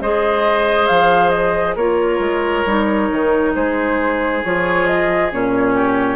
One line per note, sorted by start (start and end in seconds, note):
0.00 0.88 G#3
0.00 1.79 G#4
0.00 1.75 C5
0.00 0.86 D#5
0.86 1.75 F3
0.86 1.29 F5
1.29 1.73 D#5
1.75 2.19 A#3
1.75 2.66 F4
1.75 3.52 A#4
1.75 3.53 C#5
2.19 2.63 G#3
2.65 3.09 G3
2.65 4.43 D#4
3.11 3.55 D#3
3.54 4.43 G#3
3.54 5.74 G#4
3.54 4.43 C5
4.44 5.32 F3
4.44 5.31 F4
4.44 4.86 C#5
4.86 5.30 D#5
5.31 6.16 A#2
5.31 6.16 C#4
5.31 6.16 C#5
5.74 6.16 G4